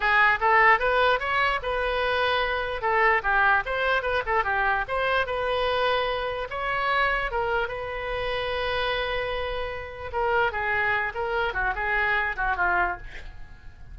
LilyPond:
\new Staff \with { instrumentName = "oboe" } { \time 4/4 \tempo 4 = 148 gis'4 a'4 b'4 cis''4 | b'2. a'4 | g'4 c''4 b'8 a'8 g'4 | c''4 b'2. |
cis''2 ais'4 b'4~ | b'1~ | b'4 ais'4 gis'4. ais'8~ | ais'8 fis'8 gis'4. fis'8 f'4 | }